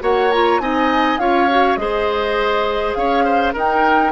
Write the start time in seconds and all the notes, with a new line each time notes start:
0.00 A#3 F#4 C#5 F#5
0.31 F4 A#5
0.60 C4 D#4 D#5 G#5
1.18 C#4 F4 C#5 F5
1.50 F#4
1.76 G#3 G#4 C5 D#5
2.94 C#4 C#5 F5
3.24 C5
3.53 D#4 A#4 G5